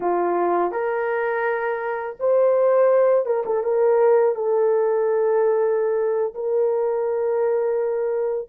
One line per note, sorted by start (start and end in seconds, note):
0.00 0.71 F4
0.71 2.16 A#4
2.19 3.25 C5
3.25 3.43 A#4
3.45 3.63 A4
3.63 4.35 A#4
4.35 6.34 A4
6.34 8.48 A#4